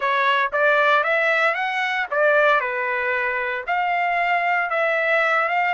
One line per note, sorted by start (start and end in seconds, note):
0.00 0.51 C#5
0.52 1.03 D5
1.03 1.54 E5
1.54 2.06 F#5
2.10 2.60 D5
2.60 3.64 B4
3.66 4.70 F5
4.70 5.48 E5
5.48 5.74 F5